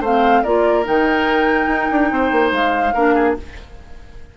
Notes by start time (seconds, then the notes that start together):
0.00 A3 C4 C5 F5
0.43 A#3 F4 A#4 D5
0.84 D#3 D#4 G5
1.67 D#4
1.91 D4
2.11 C4 C5
2.31 A#3
2.51 G#3 F5
2.93 A#3 D4 A#4
3.14 G#4